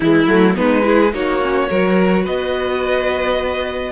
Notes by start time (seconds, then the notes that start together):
0.00 E3 G#3 E4
0.26 F#3 A3
0.54 G#3 B3 D#4 B4
0.83 E4 G#4
1.12 A#3 D#4 F#4 C#5
1.41 C#4
1.69 F#3 F#4 A#4
2.23 B3 B4 D#5